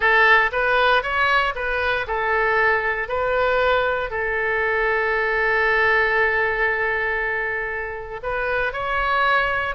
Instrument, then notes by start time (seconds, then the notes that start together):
oboe
0.00 A4
0.52 B4
1.02 C#5
1.55 B4
2.07 A4
3.08 B4
4.10 A4
8.22 B4
8.72 C#5